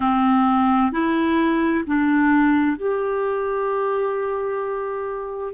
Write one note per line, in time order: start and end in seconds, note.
0.00 0.92 C4
0.92 1.84 E4
1.86 2.77 D4
2.77 5.53 G4